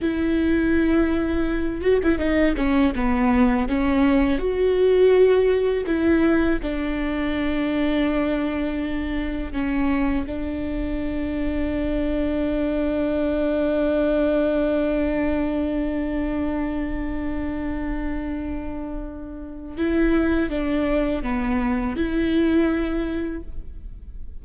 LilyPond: \new Staff \with { instrumentName = "viola" } { \time 4/4 \tempo 4 = 82 e'2~ e'8 fis'16 e'16 dis'8 cis'8 | b4 cis'4 fis'2 | e'4 d'2.~ | d'4 cis'4 d'2~ |
d'1~ | d'1~ | d'2. e'4 | d'4 b4 e'2 | }